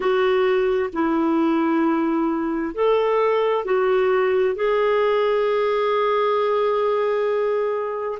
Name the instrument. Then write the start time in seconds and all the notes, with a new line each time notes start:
clarinet
0.00 F#4
0.92 E4
2.74 A4
3.64 F#4
4.55 G#4